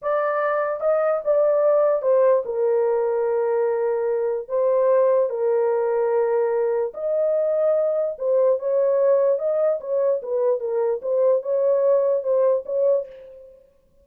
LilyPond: \new Staff \with { instrumentName = "horn" } { \time 4/4 \tempo 4 = 147 d''2 dis''4 d''4~ | d''4 c''4 ais'2~ | ais'2. c''4~ | c''4 ais'2.~ |
ais'4 dis''2. | c''4 cis''2 dis''4 | cis''4 b'4 ais'4 c''4 | cis''2 c''4 cis''4 | }